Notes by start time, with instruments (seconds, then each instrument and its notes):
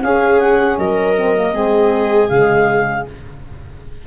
0.00 saxophone C#4, tuba C#4, viola G#4, clarinet F5
0.39 clarinet F#5
0.77 tuba F#3, viola A#4, clarinet D#5
1.16 saxophone C4
1.35 saxophone A#3
1.52 tuba G#3, saxophone C4, viola G#4
2.28 tuba C#3, saxophone G#3, clarinet F5